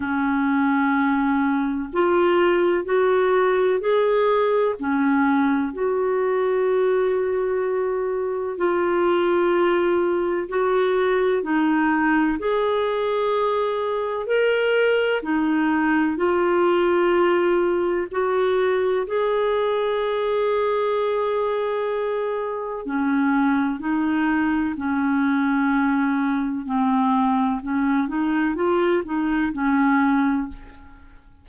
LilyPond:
\new Staff \with { instrumentName = "clarinet" } { \time 4/4 \tempo 4 = 63 cis'2 f'4 fis'4 | gis'4 cis'4 fis'2~ | fis'4 f'2 fis'4 | dis'4 gis'2 ais'4 |
dis'4 f'2 fis'4 | gis'1 | cis'4 dis'4 cis'2 | c'4 cis'8 dis'8 f'8 dis'8 cis'4 | }